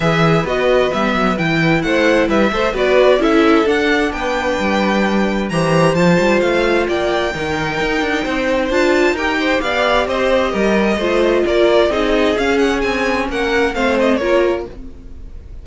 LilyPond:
<<
  \new Staff \with { instrumentName = "violin" } { \time 4/4 \tempo 4 = 131 e''4 dis''4 e''4 g''4 | fis''4 e''4 d''4 e''4 | fis''4 g''2. | ais''4 a''4 f''4 g''4~ |
g''2. a''4 | g''4 f''4 dis''2~ | dis''4 d''4 dis''4 f''8 fis''8 | gis''4 fis''4 f''8 dis''8 cis''4 | }
  \new Staff \with { instrumentName = "violin" } { \time 4/4 b'1 | c''4 b'8 c''8 b'4 a'4~ | a'4 b'2. | c''2. d''4 |
ais'2 c''2 | ais'8 c''8 d''4 c''4 ais'4 | c''4 ais'4 gis'2~ | gis'4 ais'4 c''4 ais'4 | }
  \new Staff \with { instrumentName = "viola" } { \time 4/4 gis'4 fis'4 b4 e'4~ | e'4. a'8 fis'4 e'4 | d'1 | g'4 f'2. |
dis'2. f'4 | g'1 | f'2 dis'4 cis'4~ | cis'2 c'4 f'4 | }
  \new Staff \with { instrumentName = "cello" } { \time 4/4 e4 b4 g8 fis8 e4 | a4 g8 a8 b4 cis'4 | d'4 b4 g2 | e4 f8 g8 a4 ais4 |
dis4 dis'8 d'8 c'4 d'4 | dis'4 b4 c'4 g4 | a4 ais4 c'4 cis'4 | c'4 ais4 a4 ais4 | }
>>